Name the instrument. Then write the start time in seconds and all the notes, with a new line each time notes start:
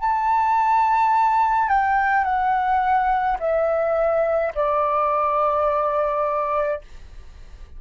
flute
0.00 A5
1.68 G5
2.24 F#5
3.39 E5
4.55 D5